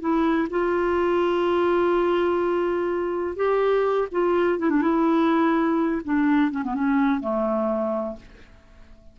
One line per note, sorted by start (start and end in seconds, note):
0.00 0.48 E4
0.50 3.36 F4
3.36 4.08 G4
4.11 4.59 F4
4.59 4.70 E4
4.70 4.82 D4
4.82 6.02 E4
6.04 6.51 D4
6.51 6.63 C#4
6.63 6.74 B3
6.74 7.20 C#4
7.20 8.16 A3